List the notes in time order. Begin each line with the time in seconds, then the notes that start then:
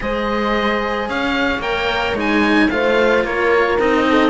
0.00 G#3 G#4 C5 D#5
1.08 C#4 C#5 F5
1.58 A#3 A#4 G5
2.13 G#3 D#4
2.19 G#5
2.70 A3 F4 C5 F5
3.23 A#3 A#4 C#5
3.79 C4 D#4 D#5
4.09 A4